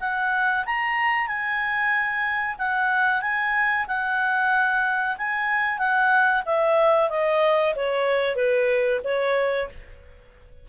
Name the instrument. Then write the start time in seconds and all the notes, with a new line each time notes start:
clarinet
0.00 F#5
0.65 A#5
1.27 G#5
2.59 F#5
3.21 G#5
3.88 F#5
5.17 G#5
5.78 F#5
6.46 E5
7.10 D#5
7.76 C#5
8.36 B4
9.04 C#5